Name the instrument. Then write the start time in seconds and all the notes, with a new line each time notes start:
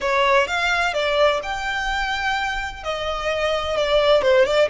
violin
0.00 C#5
0.47 F5
0.93 D5
1.43 G5
2.83 D#5
3.76 D5
4.22 C5
4.45 D5